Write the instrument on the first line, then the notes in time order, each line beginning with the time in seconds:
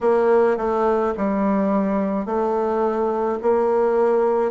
bassoon
0.00 A#3
0.57 A3
1.17 G3
2.25 A3
3.42 A#3